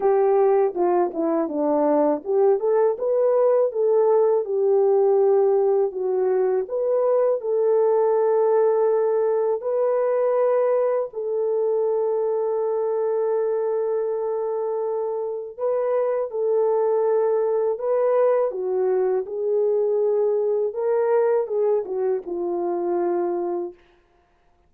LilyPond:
\new Staff \with { instrumentName = "horn" } { \time 4/4 \tempo 4 = 81 g'4 f'8 e'8 d'4 g'8 a'8 | b'4 a'4 g'2 | fis'4 b'4 a'2~ | a'4 b'2 a'4~ |
a'1~ | a'4 b'4 a'2 | b'4 fis'4 gis'2 | ais'4 gis'8 fis'8 f'2 | }